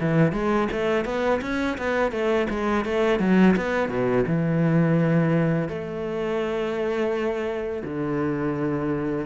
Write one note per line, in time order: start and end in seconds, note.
0.00 0.32 E3
0.32 0.68 G#3
0.72 1.05 A3
1.05 1.41 B3
1.42 1.77 C#4
1.78 2.12 B3
2.12 2.47 A3
2.50 2.85 G#3
2.85 3.19 A3
3.19 3.55 F#3
3.56 3.89 B3
3.89 4.25 B2
4.27 5.69 E3
5.69 7.83 A3
7.84 9.26 D3